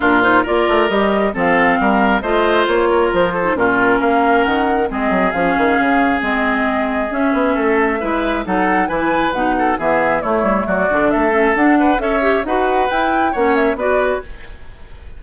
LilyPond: <<
  \new Staff \with { instrumentName = "flute" } { \time 4/4 \tempo 4 = 135 ais'8 c''8 d''4 dis''4 f''4~ | f''4 dis''4 cis''4 c''4 | ais'4 f''4 fis''4 dis''4 | f''2 dis''2 |
e''2. fis''4 | gis''4 fis''4 e''4 cis''4 | d''4 e''4 fis''4 e''4 | fis''4 g''4 fis''8 e''8 d''4 | }
  \new Staff \with { instrumentName = "oboe" } { \time 4/4 f'4 ais'2 a'4 | ais'4 c''4. ais'4 a'8 | f'4 ais'2 gis'4~ | gis'1~ |
gis'4 a'4 b'4 a'4 | b'4. a'8 gis'4 e'4 | fis'4 a'4. b'8 cis''4 | b'2 cis''4 b'4 | }
  \new Staff \with { instrumentName = "clarinet" } { \time 4/4 d'8 dis'8 f'4 g'4 c'4~ | c'4 f'2~ f'8. dis'16 | cis'2. c'4 | cis'2 c'2 |
cis'2 e'4 dis'4 | e'4 dis'4 b4 a4~ | a8 d'4 cis'8 d'4 a'8 g'8 | fis'4 e'4 cis'4 fis'4 | }
  \new Staff \with { instrumentName = "bassoon" } { \time 4/4 ais,4 ais8 a8 g4 f4 | g4 a4 ais4 f4 | ais,4 ais4 dis4 gis8 fis8 | f8 dis8 cis4 gis2 |
cis'8 b8 a4 gis4 fis4 | e4 b,4 e4 a8 g8 | fis8 d8 a4 d'4 cis'4 | dis'4 e'4 ais4 b4 | }
>>